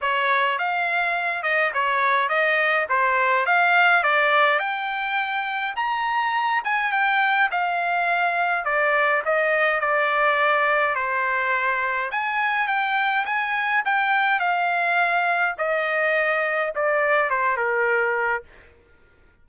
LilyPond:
\new Staff \with { instrumentName = "trumpet" } { \time 4/4 \tempo 4 = 104 cis''4 f''4. dis''8 cis''4 | dis''4 c''4 f''4 d''4 | g''2 ais''4. gis''8 | g''4 f''2 d''4 |
dis''4 d''2 c''4~ | c''4 gis''4 g''4 gis''4 | g''4 f''2 dis''4~ | dis''4 d''4 c''8 ais'4. | }